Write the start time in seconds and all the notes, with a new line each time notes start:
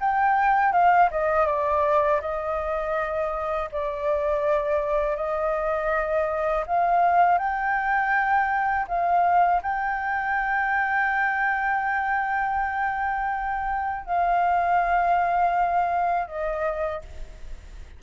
0.00 G5
0.72 F5
1.11 D#5
1.46 D5
2.21 D#5
3.72 D5
5.16 D#5
6.67 F5
7.38 G5
8.88 F5
9.62 G5
14.06 F5
16.27 D#5